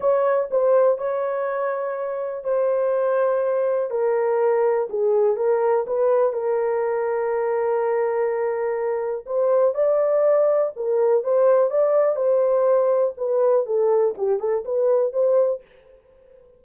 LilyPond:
\new Staff \with { instrumentName = "horn" } { \time 4/4 \tempo 4 = 123 cis''4 c''4 cis''2~ | cis''4 c''2. | ais'2 gis'4 ais'4 | b'4 ais'2.~ |
ais'2. c''4 | d''2 ais'4 c''4 | d''4 c''2 b'4 | a'4 g'8 a'8 b'4 c''4 | }